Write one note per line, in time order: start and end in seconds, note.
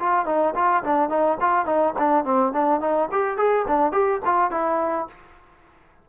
0.00 0.26 F4
0.26 0.54 D#4
0.55 0.83 F4
0.84 1.09 D4
1.09 1.38 D#4
1.40 1.66 F4
1.66 1.94 D#4
1.99 2.25 D4
2.25 2.53 C4
2.53 2.80 D4
2.80 3.09 D#4
3.12 3.37 G4
3.37 3.66 G#4
3.68 3.92 D4
3.92 4.21 G4
4.25 4.51 F4
4.51 5.08 E4